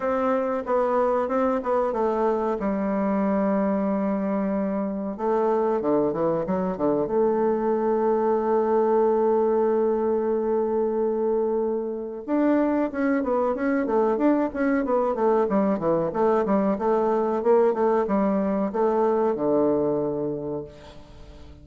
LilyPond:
\new Staff \with { instrumentName = "bassoon" } { \time 4/4 \tempo 4 = 93 c'4 b4 c'8 b8 a4 | g1 | a4 d8 e8 fis8 d8 a4~ | a1~ |
a2. d'4 | cis'8 b8 cis'8 a8 d'8 cis'8 b8 a8 | g8 e8 a8 g8 a4 ais8 a8 | g4 a4 d2 | }